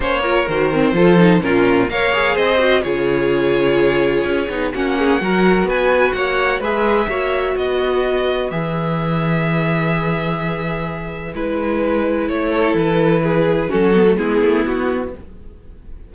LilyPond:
<<
  \new Staff \with { instrumentName = "violin" } { \time 4/4 \tempo 4 = 127 cis''4 c''2 ais'4 | f''4 dis''4 cis''2~ | cis''2 fis''2 | gis''4 fis''4 e''2 |
dis''2 e''2~ | e''1 | b'2 cis''4 b'4~ | b'4 a'4 gis'4 fis'4 | }
  \new Staff \with { instrumentName = "violin" } { \time 4/4 c''8 ais'4. a'4 f'4 | cis''4 c''4 gis'2~ | gis'2 fis'8 gis'8 ais'4 | b'4 cis''4 b'4 cis''4 |
b'1~ | b'1~ | b'2~ b'8 a'4. | gis'4 fis'4 e'2 | }
  \new Staff \with { instrumentName = "viola" } { \time 4/4 cis'8 f'8 fis'8 c'8 f'8 dis'8 cis'4 | ais'8 gis'4 fis'8 f'2~ | f'4. dis'8 cis'4 fis'4~ | fis'2 gis'4 fis'4~ |
fis'2 gis'2~ | gis'1 | e'1~ | e'4 cis'8 b16 a16 b2 | }
  \new Staff \with { instrumentName = "cello" } { \time 4/4 ais4 dis4 f4 ais,4 | ais4 c'4 cis2~ | cis4 cis'8 b8 ais4 fis4 | b4 ais4 gis4 ais4 |
b2 e2~ | e1 | gis2 a4 e4~ | e4 fis4 gis8 a8 b4 | }
>>